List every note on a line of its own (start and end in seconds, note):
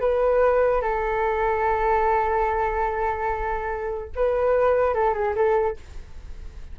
0.00 0.82 B4
0.82 4.10 A4
4.16 4.94 B4
4.94 5.14 A4
5.14 5.35 G#4
5.36 5.77 A4